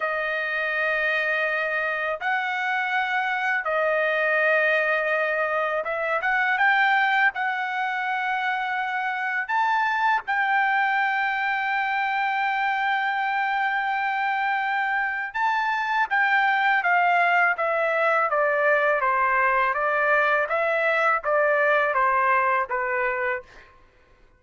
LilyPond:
\new Staff \with { instrumentName = "trumpet" } { \time 4/4 \tempo 4 = 82 dis''2. fis''4~ | fis''4 dis''2. | e''8 fis''8 g''4 fis''2~ | fis''4 a''4 g''2~ |
g''1~ | g''4 a''4 g''4 f''4 | e''4 d''4 c''4 d''4 | e''4 d''4 c''4 b'4 | }